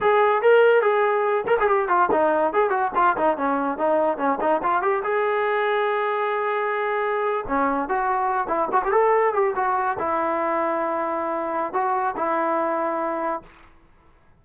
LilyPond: \new Staff \with { instrumentName = "trombone" } { \time 4/4 \tempo 4 = 143 gis'4 ais'4 gis'4. ais'16 gis'16 | g'8 f'8 dis'4 gis'8 fis'8 f'8 dis'8 | cis'4 dis'4 cis'8 dis'8 f'8 g'8 | gis'1~ |
gis'4.~ gis'16 cis'4 fis'4~ fis'16~ | fis'16 e'8 fis'16 g'16 a'4 g'8 fis'4 e'16~ | e'1 | fis'4 e'2. | }